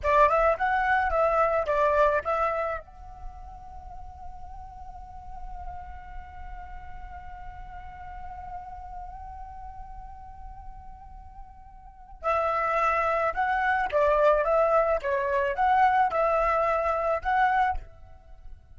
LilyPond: \new Staff \with { instrumentName = "flute" } { \time 4/4 \tempo 4 = 108 d''8 e''8 fis''4 e''4 d''4 | e''4 fis''2.~ | fis''1~ | fis''1~ |
fis''1~ | fis''2 e''2 | fis''4 d''4 e''4 cis''4 | fis''4 e''2 fis''4 | }